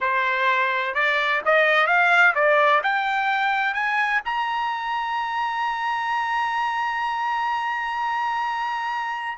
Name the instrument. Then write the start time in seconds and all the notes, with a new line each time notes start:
trumpet
0.00 C5
0.94 D5
1.45 D#5
1.86 F5
2.34 D5
2.83 G5
3.74 G#5
4.25 A#5